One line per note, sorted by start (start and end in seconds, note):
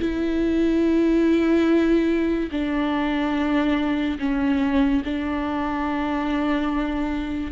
0.00 2.50 E4
2.52 4.19 D4
4.20 5.03 C#4
5.05 7.52 D4